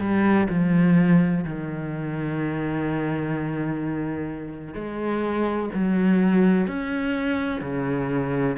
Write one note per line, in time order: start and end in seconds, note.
0.00 0.48 G3
0.49 1.44 F3
1.44 4.74 D#3
4.74 5.69 G#3
5.74 6.67 F#3
6.67 7.61 C#4
7.61 8.56 C#3